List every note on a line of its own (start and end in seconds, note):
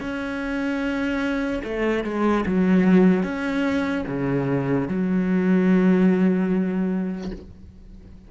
0.00 1.62 C#4
1.63 2.04 A3
2.04 2.44 G#3
2.46 3.23 F#3
3.23 4.04 C#4
4.07 4.88 C#3
4.88 7.31 F#3